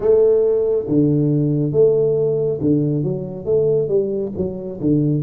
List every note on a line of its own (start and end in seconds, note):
0.00 0.85 A3
0.87 1.72 D3
1.72 2.58 A3
2.60 3.03 D3
3.03 3.45 F#3
3.45 3.88 A3
3.88 4.32 G3
4.36 4.80 F#3
4.80 5.22 D3